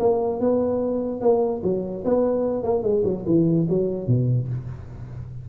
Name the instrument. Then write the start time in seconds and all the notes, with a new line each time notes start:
tuba
0.00 A#3
0.40 B3
1.21 A#3
1.64 F#3
2.05 B3
2.64 A#3
2.83 G#3
3.05 F#3
3.27 E3
3.70 F#3
4.08 B2